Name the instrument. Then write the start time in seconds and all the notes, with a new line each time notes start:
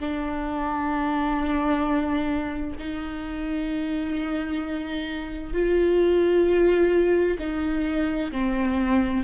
viola
0.00 D4
2.79 D#4
5.53 F4
7.39 D#4
8.32 C4